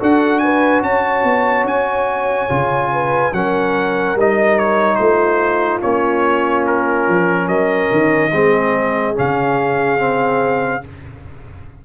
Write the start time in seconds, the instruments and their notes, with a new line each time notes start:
0.00 tuba D4, trombone F#4, horn A4, trumpet F#5
0.39 horn B4, trumpet G#5
0.83 tuba C#4, horn C#5, trumpet A5
1.24 tuba B3
1.65 tuba C#4, trumpet G#5
2.49 tuba C#3, trombone F4
2.93 horn B4
3.33 tuba F#3, trombone C#4, horn A#4, trumpet F#5
4.16 tuba G3, trombone D#4, trumpet D#5
4.59 trumpet C#5
4.96 tuba A3, horn F4, trumpet C5
5.82 tuba A#3, trombone C#4, trumpet C#5
6.67 trumpet A#4
7.08 tuba F3
7.48 tuba F#3, horn A#4, trumpet D#5
7.93 tuba D#3
8.32 tuba G#3, trombone C4, horn G#4
9.15 tuba C#3, trombone C#4, trumpet F5
9.98 trombone C4